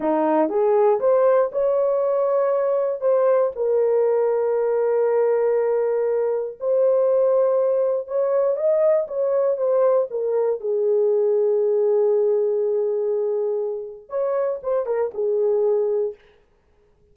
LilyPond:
\new Staff \with { instrumentName = "horn" } { \time 4/4 \tempo 4 = 119 dis'4 gis'4 c''4 cis''4~ | cis''2 c''4 ais'4~ | ais'1~ | ais'4 c''2. |
cis''4 dis''4 cis''4 c''4 | ais'4 gis'2.~ | gis'1 | cis''4 c''8 ais'8 gis'2 | }